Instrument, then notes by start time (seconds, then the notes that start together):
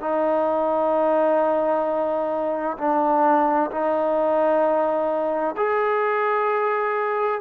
trombone
0.00 D#4
2.78 D4
3.70 D#4
5.56 G#4